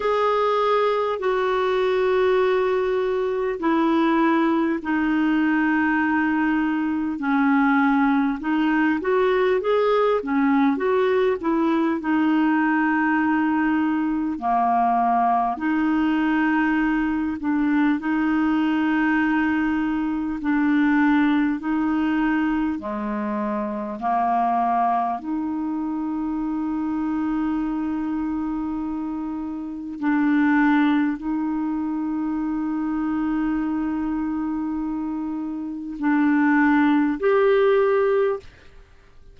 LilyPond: \new Staff \with { instrumentName = "clarinet" } { \time 4/4 \tempo 4 = 50 gis'4 fis'2 e'4 | dis'2 cis'4 dis'8 fis'8 | gis'8 cis'8 fis'8 e'8 dis'2 | ais4 dis'4. d'8 dis'4~ |
dis'4 d'4 dis'4 gis4 | ais4 dis'2.~ | dis'4 d'4 dis'2~ | dis'2 d'4 g'4 | }